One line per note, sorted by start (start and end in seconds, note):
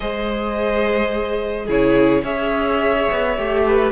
0.00 1.68 G#3
0.00 1.67 G#4
0.00 1.65 C5
0.00 1.68 D#5
1.65 2.23 C#3
1.65 2.23 E4
1.65 2.21 G#4
1.65 2.24 C#5
2.23 3.07 C#4
2.23 3.36 G#4
2.23 3.63 C#5
2.23 3.92 E5
3.10 3.38 B3
3.37 3.92 A3
3.37 3.92 G4
3.67 3.92 B4